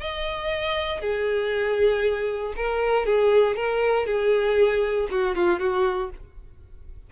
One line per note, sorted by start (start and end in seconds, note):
0.00 1.01 D#5
1.01 2.54 G#4
2.56 3.06 A#4
3.06 3.56 G#4
3.56 4.07 A#4
4.07 5.08 G#4
5.11 5.36 F#4
5.36 5.60 F4
5.60 6.10 F#4